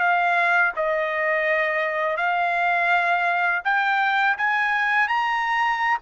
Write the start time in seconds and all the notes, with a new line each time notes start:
0.00 F5
0.76 D#5
2.17 F5
3.65 G5
4.38 G#5
5.09 A#5